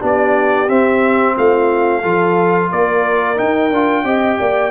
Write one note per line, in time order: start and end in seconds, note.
0.00 0.69 B3
0.00 0.67 D4
0.00 1.36 G4
0.00 0.69 D5
0.68 2.03 C4
0.68 1.36 C4
0.68 1.36 E5
1.37 2.04 A3
1.37 2.02 F4
1.37 2.71 F5
2.02 2.71 F3
2.02 3.36 F4
2.02 2.69 A4
2.71 3.39 A#3
2.71 4.04 A#4
2.71 3.38 D5
3.36 3.70 D#4
3.36 4.71 G5
3.70 4.04 D4
3.70 4.04 F4
4.04 4.38 C4
4.04 4.71 G4
4.04 4.38 D#5
4.39 4.71 A#3
4.39 4.71 D5